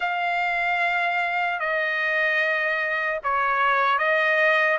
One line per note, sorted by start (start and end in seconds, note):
0.00 1.59 F5
1.59 3.19 D#5
3.23 3.98 C#5
3.98 4.78 D#5